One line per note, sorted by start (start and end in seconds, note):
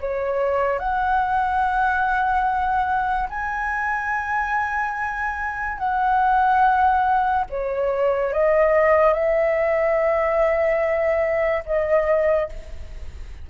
0.00 0.79 C#5
0.79 3.29 F#5
3.29 5.78 G#5
5.78 7.45 F#5
7.50 8.33 C#5
8.33 9.13 D#5
9.13 11.63 E5
11.66 12.49 D#5